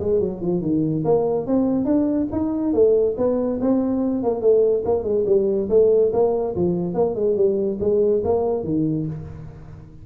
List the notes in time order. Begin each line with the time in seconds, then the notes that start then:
0.00 G#3
0.20 F#3
0.41 F3
0.62 D#3
1.05 A#3
1.47 C4
1.85 D4
2.32 D#4
2.74 A3
3.18 B3
3.61 C4
4.23 A#3
4.41 A3
4.85 A#3
5.04 G#3
5.27 G3
5.70 A3
6.13 A#3
6.56 F3
6.94 A#3
7.15 G#3
7.37 G3
7.81 G#3
8.25 A#3
8.64 D#3